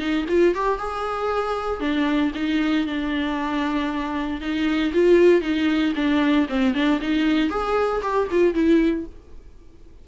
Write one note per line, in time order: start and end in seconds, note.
0.00 0.26 D#4
0.29 0.55 F4
0.55 0.79 G4
0.79 1.81 G#4
1.81 2.32 D4
2.35 2.87 D#4
2.87 4.41 D4
4.41 4.93 D#4
4.94 5.42 F4
5.42 5.94 D#4
5.96 6.48 D4
6.50 6.75 C4
6.75 7.00 D4
7.01 7.50 D#4
7.50 8.02 G#4
8.03 8.29 G4
8.32 8.55 F4
8.55 9.06 E4